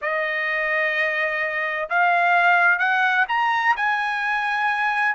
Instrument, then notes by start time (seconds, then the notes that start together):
trumpet
0.01 D#5
1.89 F5
2.79 F#5
3.28 A#5
3.76 G#5